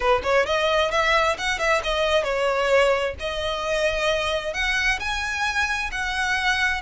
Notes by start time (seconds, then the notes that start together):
0.00 B4
0.23 C#5
0.45 D#5
0.91 E5
1.38 F#5
1.58 E5
1.83 D#5
2.23 C#5
3.19 D#5
4.53 F#5
4.99 G#5
5.91 F#5